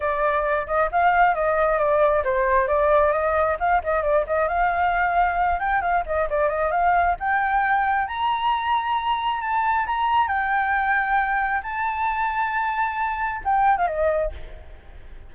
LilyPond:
\new Staff \with { instrumentName = "flute" } { \time 4/4 \tempo 4 = 134 d''4. dis''8 f''4 dis''4 | d''4 c''4 d''4 dis''4 | f''8 dis''8 d''8 dis''8 f''2~ | f''8 g''8 f''8 dis''8 d''8 dis''8 f''4 |
g''2 ais''2~ | ais''4 a''4 ais''4 g''4~ | g''2 a''2~ | a''2 g''8. f''16 dis''4 | }